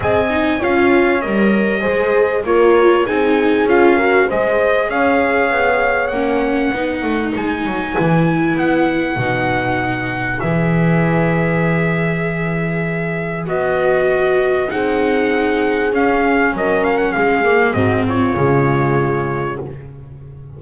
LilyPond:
<<
  \new Staff \with { instrumentName = "trumpet" } { \time 4/4 \tempo 4 = 98 gis''4 f''4 dis''2 | cis''4 gis''4 f''4 dis''4 | f''2 fis''2 | gis''2 fis''2~ |
fis''4 e''2.~ | e''2 dis''2 | fis''2 f''4 dis''8 f''16 fis''16 | f''4 dis''8 cis''2~ cis''8 | }
  \new Staff \with { instrumentName = "horn" } { \time 4/4 dis''4 cis''2 c''4 | ais'4 gis'4. ais'8 c''4 | cis''2. b'4~ | b'1~ |
b'1~ | b'1 | gis'2. ais'4 | gis'4 fis'8 f'2~ f'8 | }
  \new Staff \with { instrumentName = "viola" } { \time 4/4 gis'8 dis'8 f'4 ais'4 gis'4 | f'4 dis'4 f'8 fis'8 gis'4~ | gis'2 cis'4 dis'4~ | dis'4 e'2 dis'4~ |
dis'4 gis'2.~ | gis'2 fis'2 | dis'2 cis'2~ | cis'8 ais8 c'4 gis2 | }
  \new Staff \with { instrumentName = "double bass" } { \time 4/4 c'4 cis'4 g4 gis4 | ais4 c'4 cis'4 gis4 | cis'4 b4 ais4 b8 a8 | gis8 fis8 e4 b4 b,4~ |
b,4 e2.~ | e2 b2 | c'2 cis'4 fis4 | gis4 gis,4 cis2 | }
>>